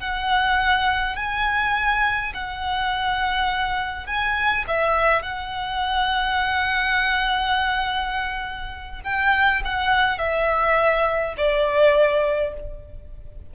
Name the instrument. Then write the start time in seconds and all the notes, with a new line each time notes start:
violin
0.00 F#5
1.17 G#5
2.34 F#5
4.07 G#5
4.68 E5
5.22 F#5
9.04 G5
9.65 F#5
10.18 E5
11.38 D5